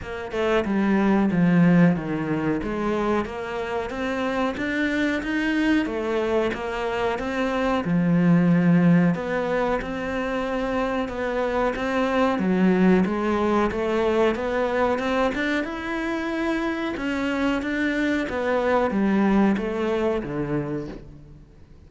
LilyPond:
\new Staff \with { instrumentName = "cello" } { \time 4/4 \tempo 4 = 92 ais8 a8 g4 f4 dis4 | gis4 ais4 c'4 d'4 | dis'4 a4 ais4 c'4 | f2 b4 c'4~ |
c'4 b4 c'4 fis4 | gis4 a4 b4 c'8 d'8 | e'2 cis'4 d'4 | b4 g4 a4 d4 | }